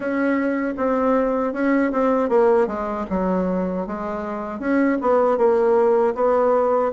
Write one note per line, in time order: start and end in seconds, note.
0.00 0.74 C#4
0.77 1.53 C4
1.53 1.91 C#4
1.92 2.29 C4
2.29 2.67 A#3
2.67 3.05 G#3
3.10 3.86 F#3
3.86 4.59 G#3
4.59 4.98 C#4
5.01 5.37 B3
5.37 6.14 A#3
6.15 6.92 B3